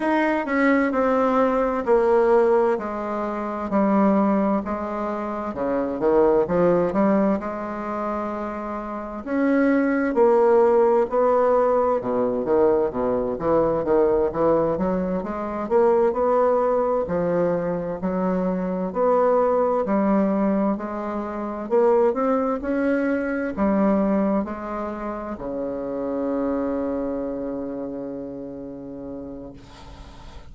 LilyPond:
\new Staff \with { instrumentName = "bassoon" } { \time 4/4 \tempo 4 = 65 dis'8 cis'8 c'4 ais4 gis4 | g4 gis4 cis8 dis8 f8 g8 | gis2 cis'4 ais4 | b4 b,8 dis8 b,8 e8 dis8 e8 |
fis8 gis8 ais8 b4 f4 fis8~ | fis8 b4 g4 gis4 ais8 | c'8 cis'4 g4 gis4 cis8~ | cis1 | }